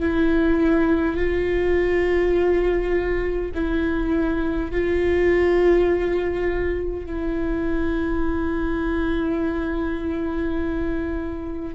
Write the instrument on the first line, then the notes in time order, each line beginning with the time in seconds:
viola
0.00 E4
1.16 F4
3.55 E4
4.71 F4
7.06 E4